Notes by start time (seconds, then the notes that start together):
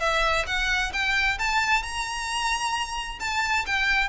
0.00 E5
0.47 F#5
0.93 G5
1.39 A5
1.82 A#5
3.20 A5
3.66 G5